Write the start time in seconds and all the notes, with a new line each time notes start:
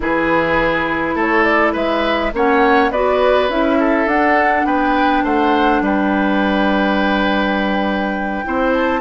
0.00 E3 E4 G#4 B4
1.15 A3 A4 C#5
1.43 D5
1.72 G#3 B4 E5
2.33 A#3 C#4 C#5 F#5
2.90 B3 F#4 B4 D5
3.49 C#4 E4 E5
3.79 A4
4.06 D4 F#5
4.65 B3 B4 G5
5.23 A3 C5 F#5
5.81 G3 B4 G5
8.44 C4 E4 C5
8.73 A5